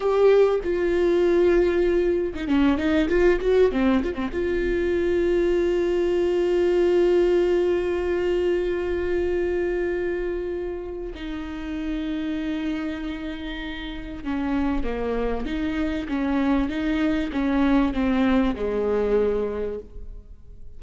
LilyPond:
\new Staff \with { instrumentName = "viola" } { \time 4/4 \tempo 4 = 97 g'4 f'2~ f'8. dis'16 | cis'8 dis'8 f'8 fis'8 c'8 f'16 c'16 f'4~ | f'1~ | f'1~ |
f'2 dis'2~ | dis'2. cis'4 | ais4 dis'4 cis'4 dis'4 | cis'4 c'4 gis2 | }